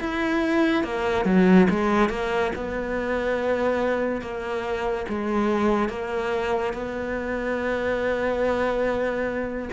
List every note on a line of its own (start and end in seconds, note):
0.00 0.84 E4
0.84 1.26 A#3
1.26 1.68 F#3
1.70 2.10 G#3
2.10 2.52 A#3
2.56 4.22 B3
4.22 5.06 A#3
5.09 5.89 G#3
5.89 6.74 A#3
6.74 9.70 B3